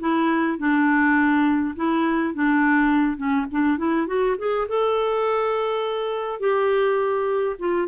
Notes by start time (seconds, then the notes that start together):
0.00 E4
0.59 D4
1.76 E4
2.34 D4
3.17 C#4
3.51 D4
3.78 E4
4.07 F#4
4.38 G#4
4.68 A4
6.40 G4
7.59 F4